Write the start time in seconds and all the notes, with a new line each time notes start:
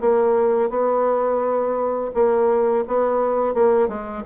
0.00 A#3
0.70 B3
2.14 A#3
2.87 B3
3.54 A#3
3.88 G#3